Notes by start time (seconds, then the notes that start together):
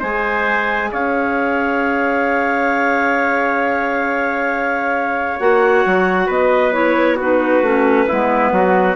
0.00 G#3 G#4 C5 G#5
0.92 C#4 C#5 F5
5.40 A#3 F#4 F#5
5.85 F#3
6.27 B3 B4 D#5
6.73 E4 C#5
7.16 D#4 F#4 B4
7.62 A3 C#4
8.08 G#3 B3 E4
8.52 F#3 F#4